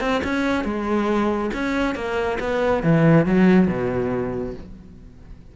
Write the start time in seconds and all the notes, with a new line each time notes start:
0.00 C4
0.23 C#4
0.64 G#3
1.54 C#4
1.95 A#3
2.40 B3
2.83 E3
3.26 F#3
3.67 B2